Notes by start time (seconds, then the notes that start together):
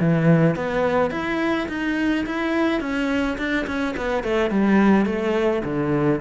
0.00 E3
0.56 B3
1.11 E4
1.69 D#4
2.26 E4
2.81 C#4
3.38 D4
3.67 C#4
3.97 B3
4.24 A3
4.51 G3
5.06 A3
5.64 D3